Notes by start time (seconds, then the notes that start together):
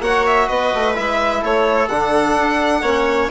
0.00 A#3 F#4 C#5 F#5
0.26 E5
0.46 B3 B4 D#5
0.74 A3
0.95 G#3 E4 E5
1.41 A3 A4 C#5
1.88 D3 D4 F#5
2.37 D4
2.82 A#3 C#4 C#5